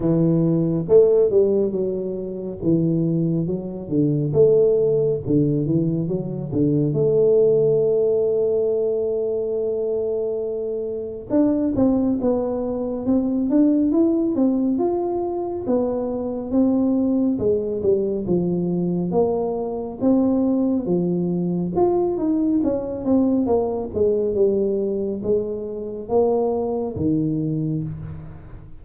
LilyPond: \new Staff \with { instrumentName = "tuba" } { \time 4/4 \tempo 4 = 69 e4 a8 g8 fis4 e4 | fis8 d8 a4 d8 e8 fis8 d8 | a1~ | a4 d'8 c'8 b4 c'8 d'8 |
e'8 c'8 f'4 b4 c'4 | gis8 g8 f4 ais4 c'4 | f4 f'8 dis'8 cis'8 c'8 ais8 gis8 | g4 gis4 ais4 dis4 | }